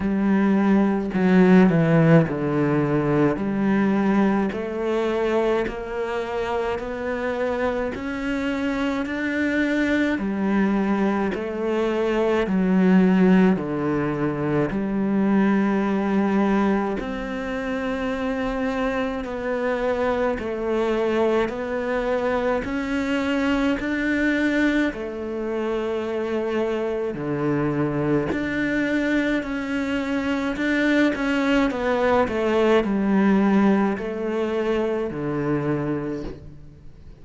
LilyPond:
\new Staff \with { instrumentName = "cello" } { \time 4/4 \tempo 4 = 53 g4 fis8 e8 d4 g4 | a4 ais4 b4 cis'4 | d'4 g4 a4 fis4 | d4 g2 c'4~ |
c'4 b4 a4 b4 | cis'4 d'4 a2 | d4 d'4 cis'4 d'8 cis'8 | b8 a8 g4 a4 d4 | }